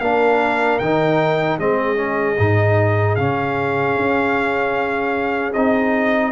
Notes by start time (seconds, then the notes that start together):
0.00 A#3 D4 A#4 F5
0.79 D#3 D#4 G5
1.59 G#3 C4 G#4 D#5
1.96 C#4
2.38 G#2 D#4
3.16 C#3 C#4 F5
3.97 C#4
5.53 C4 D#4 D#5